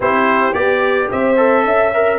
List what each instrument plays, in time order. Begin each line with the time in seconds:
0.00 tuba C4, trombone E4, horn G4, trumpet C5
0.53 tuba B3, trombone G4, trumpet D5
1.10 tuba C4, horn C5, trumpet E5
1.36 trombone A4
1.64 tuba C#4, horn E5
1.94 trombone A#4